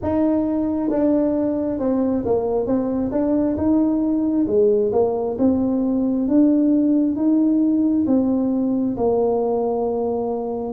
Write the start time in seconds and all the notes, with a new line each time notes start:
0.02 D#4
0.90 D4
1.79 C4
2.25 A#3
2.66 C4
3.11 D4
3.57 D#4
4.47 G#3
4.92 A#3
5.38 C4
6.28 D4
7.16 D#4
8.06 C4
8.96 A#3